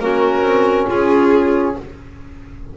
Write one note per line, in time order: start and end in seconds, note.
0.00 0.43 A#3
0.00 1.76 C#4
0.00 0.87 F#4
0.00 0.87 A#4
0.43 0.86 C4
0.87 1.76 C#4
0.87 1.74 F4
0.87 1.78 G#4